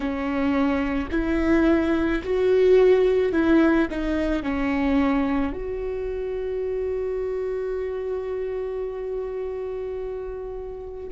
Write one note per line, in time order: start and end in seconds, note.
0.00 1.08 C#4
1.11 2.22 E4
2.23 3.32 F#4
3.32 3.88 E4
3.90 4.42 D#4
4.42 5.53 C#4
5.53 11.08 F#4